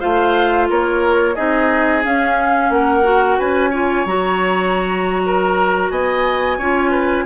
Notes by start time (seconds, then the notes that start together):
0.00 A3 F4 C5 F5
0.69 A#3 A#4 C#5
1.35 C4 D#4 G#4 D#5
2.03 C#4 F5
2.70 A#3 A#4 F#5
3.03 F#4
3.39 C#4 B4 G#5
3.70 F4 C#5
4.05 F#3 F#4 A#5
5.26 A#4
5.90 B3 D#5 G#5
6.58 C#4 F4 C#5
6.91 B4